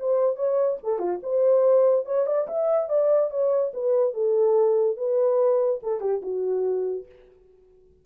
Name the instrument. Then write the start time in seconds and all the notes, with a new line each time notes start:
horn
0.00 C5
0.37 C#5
0.84 A4
0.99 F4
1.23 C5
2.06 C#5
2.27 D5
2.48 E5
2.89 D5
3.31 C#5
3.74 B4
4.14 A4
4.98 B4
5.83 A4
6.01 G4
6.23 F#4